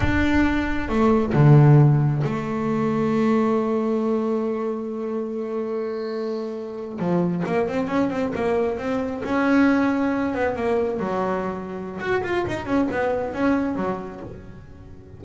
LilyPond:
\new Staff \with { instrumentName = "double bass" } { \time 4/4 \tempo 4 = 135 d'2 a4 d4~ | d4 a2.~ | a1~ | a2.~ a8. f16~ |
f8. ais8 c'8 cis'8 c'8 ais4 c'16~ | c'8. cis'2~ cis'8 b8 ais16~ | ais8. fis2~ fis16 fis'8 f'8 | dis'8 cis'8 b4 cis'4 fis4 | }